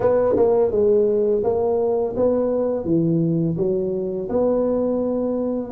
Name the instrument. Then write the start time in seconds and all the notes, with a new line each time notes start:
tuba
0.00 B3
0.36 A#3
0.71 G#3
1.43 A#3
2.16 B3
2.84 E3
3.57 F#3
4.29 B3